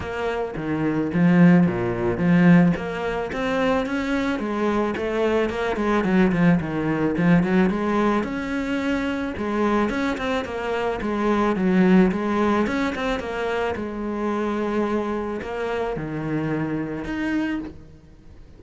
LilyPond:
\new Staff \with { instrumentName = "cello" } { \time 4/4 \tempo 4 = 109 ais4 dis4 f4 ais,4 | f4 ais4 c'4 cis'4 | gis4 a4 ais8 gis8 fis8 f8 | dis4 f8 fis8 gis4 cis'4~ |
cis'4 gis4 cis'8 c'8 ais4 | gis4 fis4 gis4 cis'8 c'8 | ais4 gis2. | ais4 dis2 dis'4 | }